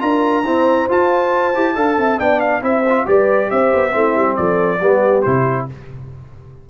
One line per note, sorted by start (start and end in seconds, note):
0.00 0.45 D4
0.00 0.43 F4
0.00 0.45 A#4
0.00 0.89 A#5
0.45 0.89 C4
0.45 0.89 E4
0.45 1.76 C5
0.89 1.54 F4
0.89 1.56 F4
0.89 2.20 A5
1.55 1.76 E4
1.55 1.76 G4
1.76 1.98 D4
1.76 2.19 A4
1.76 1.98 F5
1.98 2.20 C4
1.98 2.19 E5
2.19 2.62 B3
2.19 2.62 D4
2.19 2.63 D5
2.19 2.40 G5
2.40 2.62 F5
2.62 3.06 C4
2.62 2.83 E4
2.62 3.07 C5
2.62 3.07 E5
2.90 3.06 F4
3.06 3.51 G3
3.06 3.91 G4
3.06 3.52 B4
3.06 3.51 D5
3.51 3.73 C4
3.51 3.95 C5
3.51 4.36 E5
3.74 3.94 B3
3.91 4.15 A3
3.91 4.78 C4
3.91 4.38 E4
4.15 4.37 G3
4.36 4.81 F3
4.36 4.81 A4
4.36 5.23 D5
4.81 5.24 G3
4.81 5.26 B3
4.81 5.68 G4
5.23 5.70 C3
5.23 5.69 E4
5.23 5.66 C5